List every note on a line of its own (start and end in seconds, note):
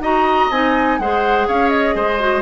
0.00 0.48 D#4
0.00 0.51 F#4
0.00 0.99 D#5
0.00 0.51 A#5
0.50 0.99 C4
0.50 1.01 D#4
0.50 0.99 G#5
0.99 1.47 G#3
0.99 2.20 G#4
0.99 1.48 C5
0.99 1.47 F#5
1.48 1.95 C#4
1.48 1.95 C#5
1.48 1.69 F5
1.69 2.42 D#5
1.95 2.42 G#3
1.95 2.42 C5
2.20 2.42 F#4